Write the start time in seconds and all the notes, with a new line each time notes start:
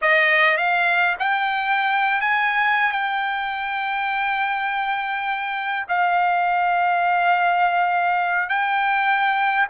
0.01 D#5
0.57 F5
1.19 G5
2.20 G#5
2.91 G5
5.88 F5
8.49 G5